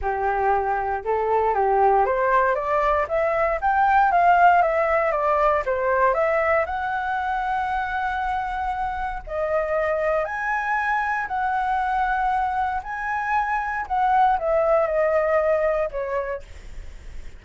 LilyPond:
\new Staff \with { instrumentName = "flute" } { \time 4/4 \tempo 4 = 117 g'2 a'4 g'4 | c''4 d''4 e''4 g''4 | f''4 e''4 d''4 c''4 | e''4 fis''2.~ |
fis''2 dis''2 | gis''2 fis''2~ | fis''4 gis''2 fis''4 | e''4 dis''2 cis''4 | }